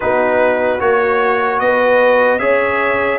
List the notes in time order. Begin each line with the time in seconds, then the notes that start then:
0.00 B3 D#4 F#4 B4
0.79 A#3 F#4 C#5
1.59 B3 B4 D#5
2.39 C#4 G#4 C#5 E5